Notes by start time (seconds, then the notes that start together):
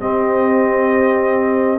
0.00 C4 G4 D#5